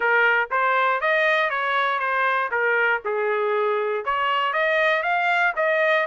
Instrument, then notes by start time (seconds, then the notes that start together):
trumpet
0.00 A#4
0.50 C5
1.00 D#5
1.50 C#5
1.99 C5
2.51 A#4
3.05 G#4
4.05 C#5
4.53 D#5
5.02 F5
5.56 D#5